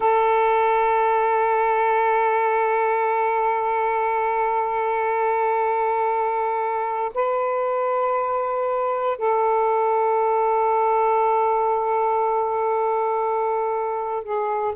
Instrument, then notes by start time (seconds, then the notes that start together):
saxophone
0.00 A4
7.14 B4
9.18 A4
14.23 G#4